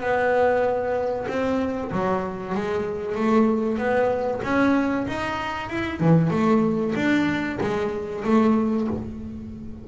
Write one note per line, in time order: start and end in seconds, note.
0.00 1.26 B3
1.27 1.91 C4
1.91 2.54 F#3
2.55 3.15 G#3
3.15 3.78 A3
3.78 4.41 B3
4.43 5.06 C#4
5.07 5.69 D#4
5.69 5.99 E4
5.99 6.30 E3
6.30 6.93 A3
6.95 7.58 D4
7.60 8.24 G#3
8.24 8.87 A3